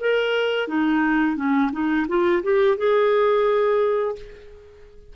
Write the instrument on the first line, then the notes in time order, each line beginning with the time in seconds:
clarinet
0.00 A#4
0.67 D#4
1.36 C#4
1.72 D#4
2.08 F4
2.43 G4
2.77 G#4